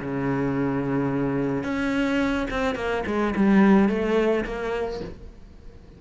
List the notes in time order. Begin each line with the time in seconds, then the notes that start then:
0.00 C#3
1.63 C#4
2.50 C4
2.75 A#3
3.06 G#3
3.35 G3
3.88 A3
4.44 A#3